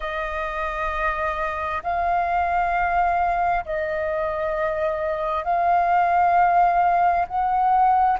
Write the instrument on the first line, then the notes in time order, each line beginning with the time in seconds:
flute
0.00 D#5
1.83 F5
3.65 D#5
5.44 F5
7.27 F#5